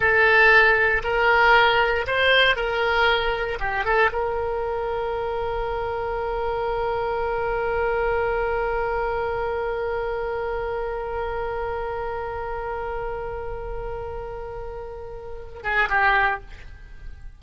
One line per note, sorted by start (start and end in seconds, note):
0.00 1.02 A4
1.03 2.06 A#4
2.07 2.56 C5
2.56 3.58 A#4
3.59 3.84 G4
3.84 4.10 A4
4.12 15.63 A#4
15.63 15.88 G#4
15.89 16.40 G4